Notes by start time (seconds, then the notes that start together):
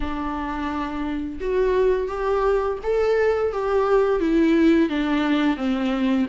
0.00 D4
1.40 F#4
2.08 G4
2.83 A4
3.52 G4
4.20 E4
4.89 D4
5.56 C4